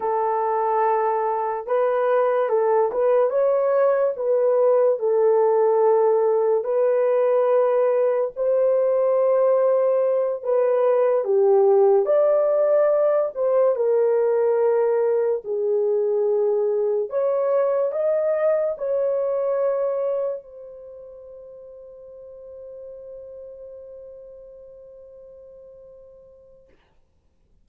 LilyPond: \new Staff \with { instrumentName = "horn" } { \time 4/4 \tempo 4 = 72 a'2 b'4 a'8 b'8 | cis''4 b'4 a'2 | b'2 c''2~ | c''8 b'4 g'4 d''4. |
c''8 ais'2 gis'4.~ | gis'8 cis''4 dis''4 cis''4.~ | cis''8 c''2.~ c''8~ | c''1 | }